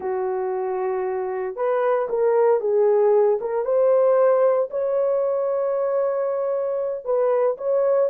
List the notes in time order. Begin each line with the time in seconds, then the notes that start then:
0.00 F#4
1.56 B4
2.09 A#4
2.60 G#4
3.41 A#4
3.65 C5
4.70 C#5
7.04 B4
7.57 C#5